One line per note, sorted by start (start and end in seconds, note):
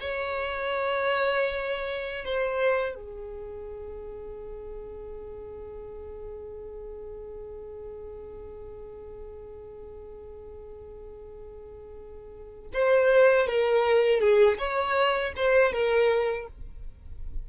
0.00 2.25 C#5
2.25 2.95 C5
2.95 12.70 G#4
12.73 13.47 C5
13.47 14.20 A#4
14.20 14.58 G#4
14.58 15.33 C#5
15.36 15.72 C5
15.72 16.47 A#4